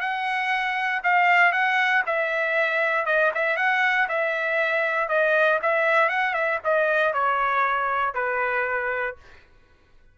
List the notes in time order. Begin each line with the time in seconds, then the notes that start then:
0.00 F#5
1.03 F5
1.52 F#5
2.06 E5
3.06 D#5
3.34 E5
3.56 F#5
4.08 E5
5.08 D#5
5.62 E5
6.09 F#5
6.33 E5
6.64 D#5
7.13 C#5
8.14 B4